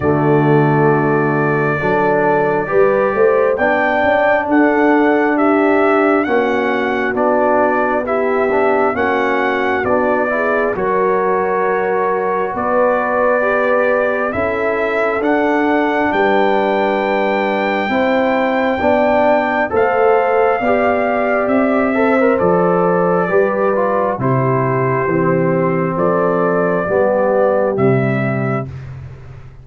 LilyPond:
<<
  \new Staff \with { instrumentName = "trumpet" } { \time 4/4 \tempo 4 = 67 d''1 | g''4 fis''4 e''4 fis''4 | d''4 e''4 fis''4 d''4 | cis''2 d''2 |
e''4 fis''4 g''2~ | g''2 f''2 | e''4 d''2 c''4~ | c''4 d''2 e''4 | }
  \new Staff \with { instrumentName = "horn" } { \time 4/4 fis'2 a'4 b'8 c''8 | d''4 a'4 g'4 fis'4~ | fis'4 g'4 fis'4. gis'8 | ais'2 b'2 |
a'2 b'2 | c''4 d''4 c''4 d''4~ | d''8 c''4. b'4 g'4~ | g'4 a'4 g'2 | }
  \new Staff \with { instrumentName = "trombone" } { \time 4/4 a2 d'4 g'4 | d'2. cis'4 | d'4 e'8 d'8 cis'4 d'8 e'8 | fis'2. g'4 |
e'4 d'2. | e'4 d'4 a'4 g'4~ | g'8 a'16 ais'16 a'4 g'8 f'8 e'4 | c'2 b4 g4 | }
  \new Staff \with { instrumentName = "tuba" } { \time 4/4 d2 fis4 g8 a8 | b8 cis'8 d'2 ais4 | b2 ais4 b4 | fis2 b2 |
cis'4 d'4 g2 | c'4 b4 a4 b4 | c'4 f4 g4 c4 | e4 f4 g4 c4 | }
>>